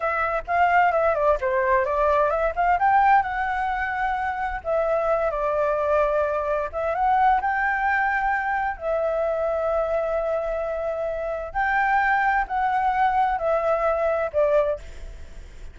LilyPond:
\new Staff \with { instrumentName = "flute" } { \time 4/4 \tempo 4 = 130 e''4 f''4 e''8 d''8 c''4 | d''4 e''8 f''8 g''4 fis''4~ | fis''2 e''4. d''8~ | d''2~ d''8 e''8 fis''4 |
g''2. e''4~ | e''1~ | e''4 g''2 fis''4~ | fis''4 e''2 d''4 | }